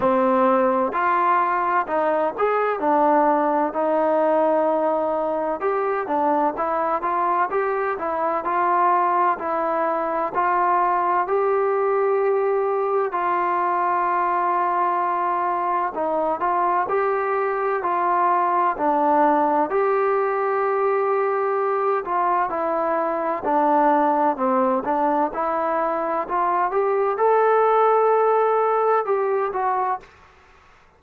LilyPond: \new Staff \with { instrumentName = "trombone" } { \time 4/4 \tempo 4 = 64 c'4 f'4 dis'8 gis'8 d'4 | dis'2 g'8 d'8 e'8 f'8 | g'8 e'8 f'4 e'4 f'4 | g'2 f'2~ |
f'4 dis'8 f'8 g'4 f'4 | d'4 g'2~ g'8 f'8 | e'4 d'4 c'8 d'8 e'4 | f'8 g'8 a'2 g'8 fis'8 | }